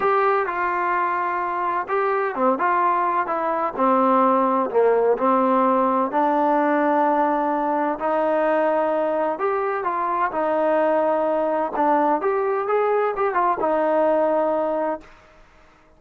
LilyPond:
\new Staff \with { instrumentName = "trombone" } { \time 4/4 \tempo 4 = 128 g'4 f'2. | g'4 c'8 f'4. e'4 | c'2 ais4 c'4~ | c'4 d'2.~ |
d'4 dis'2. | g'4 f'4 dis'2~ | dis'4 d'4 g'4 gis'4 | g'8 f'8 dis'2. | }